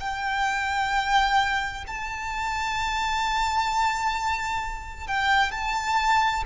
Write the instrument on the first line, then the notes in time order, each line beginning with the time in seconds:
violin
0.00 G5
1.87 A5
5.07 G5
5.51 A5